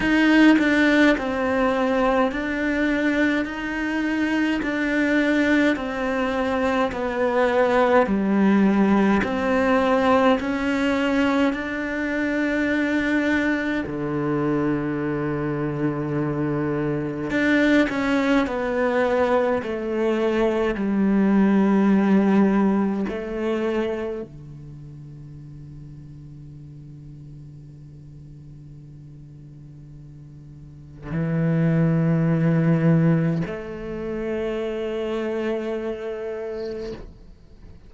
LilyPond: \new Staff \with { instrumentName = "cello" } { \time 4/4 \tempo 4 = 52 dis'8 d'8 c'4 d'4 dis'4 | d'4 c'4 b4 g4 | c'4 cis'4 d'2 | d2. d'8 cis'8 |
b4 a4 g2 | a4 d2.~ | d2. e4~ | e4 a2. | }